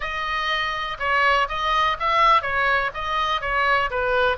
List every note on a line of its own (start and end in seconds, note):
0.00 0.97 D#5
0.99 1.47 C#5
1.48 1.97 D#5
1.99 2.42 E5
2.42 2.90 C#5
2.94 3.41 D#5
3.41 3.90 C#5
3.90 4.37 B4